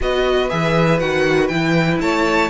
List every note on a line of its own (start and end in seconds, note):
0.01 0.51 B3
0.01 0.49 F#4
0.01 2.01 B4
0.01 0.49 D#5
0.49 1.01 E3
0.49 0.99 G#4
0.49 0.99 E5
0.99 1.49 D#3
0.99 1.50 F#4
0.99 1.47 F#5
1.47 1.99 E3
1.47 2.50 E4
1.47 1.97 G5
2.00 2.50 A3
2.00 2.50 C#5
2.00 2.50 A5